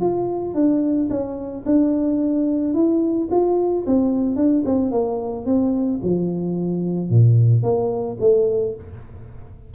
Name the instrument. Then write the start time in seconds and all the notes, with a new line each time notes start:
tuba
0.00 F4
0.54 D4
1.10 C#4
1.65 D4
2.73 E4
3.30 F4
3.86 C4
4.36 D4
4.65 C4
4.91 A#3
5.45 C4
6.02 F3
7.09 A#2
7.62 A#3
8.20 A3